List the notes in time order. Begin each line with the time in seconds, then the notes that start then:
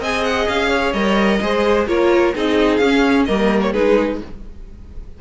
0.00 C4 G#4 D#5 G#5
0.23 F#5
0.48 C#4 F5
0.68 C#5
0.92 G3 A#4 D#5
1.41 G#3 G#4 C5
1.87 A#3 F4 A#4 C#5
2.35 C4 D#4 G#4 D#5
2.76 C#4 F5
3.25 G3 A#3 A#4 D#5
3.61 C#5
3.71 G#3 D#4 G#4 B4